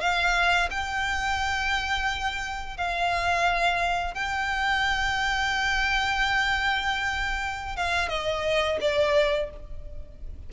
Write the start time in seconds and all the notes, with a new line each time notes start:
0.00 F5
0.70 G5
2.77 F5
4.14 G5
7.76 F5
8.08 D#5
8.81 D5